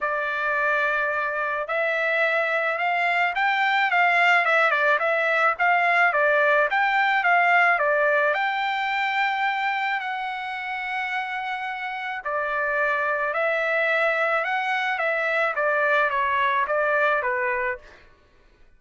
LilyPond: \new Staff \with { instrumentName = "trumpet" } { \time 4/4 \tempo 4 = 108 d''2. e''4~ | e''4 f''4 g''4 f''4 | e''8 d''8 e''4 f''4 d''4 | g''4 f''4 d''4 g''4~ |
g''2 fis''2~ | fis''2 d''2 | e''2 fis''4 e''4 | d''4 cis''4 d''4 b'4 | }